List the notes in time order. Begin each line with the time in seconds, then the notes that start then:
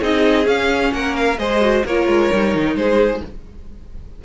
0.00 C4 D#4 G#4 D#5
0.43 C#4 F5
0.93 A#3 A#4 F#5
1.16 F5
1.38 G#3 G#4 C5 D#5
1.61 F#4
1.85 A#3 F4 A#4 C#5
2.07 G#3
2.32 G3 D#4
2.54 D#3
2.75 G#3 G#4 C5